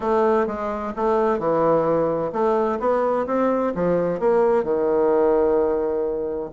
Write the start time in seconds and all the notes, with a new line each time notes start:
0.00 A3
0.46 G#3
0.96 A3
1.38 E3
2.32 A3
2.79 B3
3.26 C4
3.74 F3
4.19 A#3
4.63 D#3